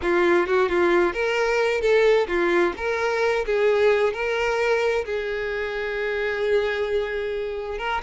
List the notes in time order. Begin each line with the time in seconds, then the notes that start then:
0.01 F4
0.46 F#4
0.68 F4
1.13 A#4
1.81 A4
2.27 F4
2.76 A#4
3.46 G#4
4.13 A#4
5.05 G#4
7.78 A#4